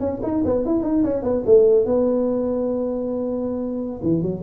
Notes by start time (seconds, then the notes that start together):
0.00 C#4
0.23 D#4
0.45 B3
0.66 E4
0.83 D#4
1.04 C#4
1.23 B3
1.46 A3
1.86 B3
4.03 E3
4.23 F#3